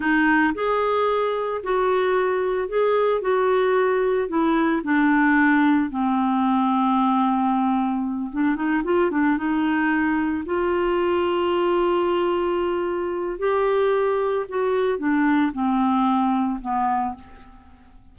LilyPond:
\new Staff \with { instrumentName = "clarinet" } { \time 4/4 \tempo 4 = 112 dis'4 gis'2 fis'4~ | fis'4 gis'4 fis'2 | e'4 d'2 c'4~ | c'2.~ c'8 d'8 |
dis'8 f'8 d'8 dis'2 f'8~ | f'1~ | f'4 g'2 fis'4 | d'4 c'2 b4 | }